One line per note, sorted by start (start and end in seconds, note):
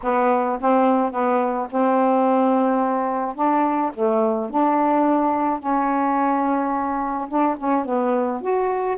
0.02 0.58 B3
0.60 1.11 C4
1.11 1.67 B3
1.70 3.35 C4
3.35 3.91 D4
3.94 4.49 A3
4.49 5.59 D4
5.59 7.28 C#4
7.28 7.56 D4
7.57 7.85 C#4
7.85 8.41 B3
8.41 8.97 F#4